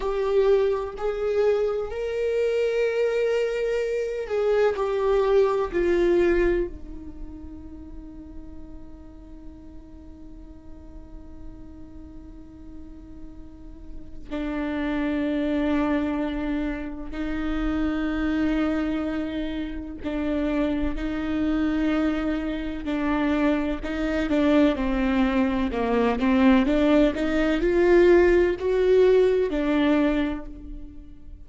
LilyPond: \new Staff \with { instrumentName = "viola" } { \time 4/4 \tempo 4 = 63 g'4 gis'4 ais'2~ | ais'8 gis'8 g'4 f'4 dis'4~ | dis'1~ | dis'2. d'4~ |
d'2 dis'2~ | dis'4 d'4 dis'2 | d'4 dis'8 d'8 c'4 ais8 c'8 | d'8 dis'8 f'4 fis'4 d'4 | }